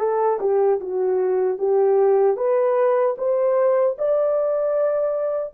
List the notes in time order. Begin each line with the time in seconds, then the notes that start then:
0.00 A4
0.41 G4
0.81 F#4
1.59 G4
2.37 B4
3.18 C5
3.98 D5